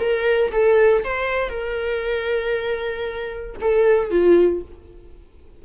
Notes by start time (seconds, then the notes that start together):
0.00 A#4
0.52 A4
1.05 C5
1.50 A#4
3.62 A4
4.11 F4